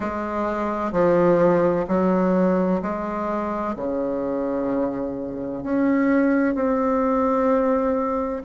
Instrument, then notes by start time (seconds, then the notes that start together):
bassoon
0.00 G#3
0.92 F3
1.87 F#3
2.82 G#3
3.75 C#3
5.63 C#4
6.55 C4